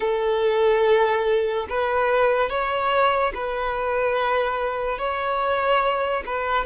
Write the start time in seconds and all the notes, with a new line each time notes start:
0.00 A4
1.69 B4
2.49 C#5
3.34 B4
4.98 C#5
6.25 B4